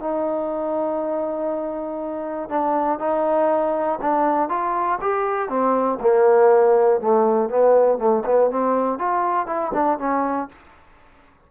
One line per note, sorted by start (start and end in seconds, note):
0.00 2.50 D#4
2.50 2.99 D4
2.99 3.99 D#4
4.02 4.49 D4
4.49 4.99 F4
5.01 5.49 G4
5.49 5.99 C4
6.01 7.01 A#3
7.01 7.50 A3
7.50 7.98 B3
7.98 8.23 A3
8.26 8.51 B3
8.51 8.99 C4
8.99 9.47 F4
9.47 9.72 E4
9.74 9.99 D4
9.99 10.49 C#4